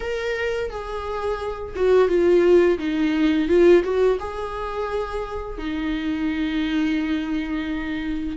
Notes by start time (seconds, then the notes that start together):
0.00 A#4
0.70 G#4
1.75 F#4
2.08 F4
2.78 D#4
3.48 F4
3.83 F#4
4.19 G#4
5.58 D#4